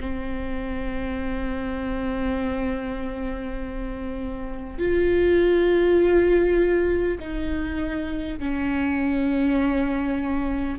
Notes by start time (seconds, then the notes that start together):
0.00 C4
4.78 F4
7.19 D#4
8.39 C#4